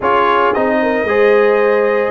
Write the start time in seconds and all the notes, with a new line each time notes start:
0.00 C#4 F4 G#4 C#5
0.53 C4 D#4 D#5
0.81 A#4
1.03 G#3 G#4 C5